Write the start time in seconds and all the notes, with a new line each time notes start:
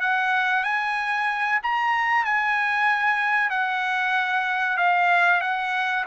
0.00 F#5
0.64 G#5
1.62 A#5
2.25 G#5
3.50 F#5
4.77 F5
5.41 F#5